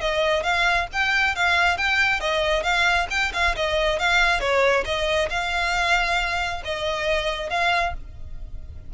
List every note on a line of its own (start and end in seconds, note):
0.00 0.43 D#5
0.43 0.87 F5
0.92 1.35 G5
1.35 1.77 F5
1.77 2.20 G5
2.20 2.62 D#5
2.62 3.06 F5
3.10 3.32 G5
3.33 3.55 F5
3.56 3.99 D#5
3.99 4.40 F5
4.40 4.84 C#5
4.85 5.29 D#5
5.29 6.62 F5
6.64 7.49 D#5
7.49 7.94 F5